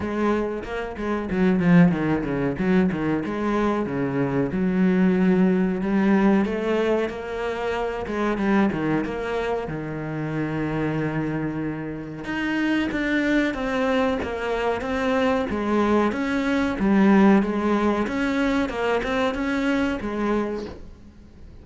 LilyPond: \new Staff \with { instrumentName = "cello" } { \time 4/4 \tempo 4 = 93 gis4 ais8 gis8 fis8 f8 dis8 cis8 | fis8 dis8 gis4 cis4 fis4~ | fis4 g4 a4 ais4~ | ais8 gis8 g8 dis8 ais4 dis4~ |
dis2. dis'4 | d'4 c'4 ais4 c'4 | gis4 cis'4 g4 gis4 | cis'4 ais8 c'8 cis'4 gis4 | }